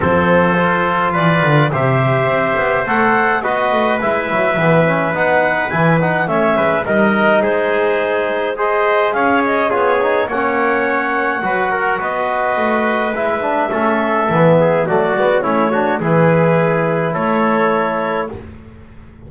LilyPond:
<<
  \new Staff \with { instrumentName = "clarinet" } { \time 4/4 \tempo 4 = 105 c''2 d''4 e''4~ | e''4 fis''4 dis''4 e''4~ | e''4 fis''4 gis''8 fis''8 e''4 | dis''4 c''2 dis''4 |
f''8 dis''8 cis''4 fis''2~ | fis''4 dis''2 e''4~ | e''2 d''4 cis''4 | b'2 cis''2 | }
  \new Staff \with { instrumentName = "trumpet" } { \time 4/4 a'2 b'4 c''4~ | c''2 b'2~ | b'2. cis''8 b'8 | ais'4 gis'2 c''4 |
cis''4 gis'4 cis''2 | b'8 ais'8 b'2. | a'4. gis'8 fis'4 e'8 fis'8 | gis'2 a'2 | }
  \new Staff \with { instrumentName = "trombone" } { \time 4/4 c'4 f'2 g'4~ | g'4 a'4 fis'4 e'4 | b8 cis'8 dis'4 e'8 dis'8 cis'4 | dis'2. gis'4~ |
gis'4 f'8 dis'8 cis'2 | fis'2. e'8 d'8 | cis'4 b4 a8 b8 cis'8 d'8 | e'1 | }
  \new Staff \with { instrumentName = "double bass" } { \time 4/4 f2 e8 d8 c4 | c'8 b8 a4 b8 a8 gis8 fis8 | e4 b4 e4 a8 gis8 | g4 gis2. |
cis'4 b4 ais2 | fis4 b4 a4 gis4 | a4 e4 fis8 gis8 a4 | e2 a2 | }
>>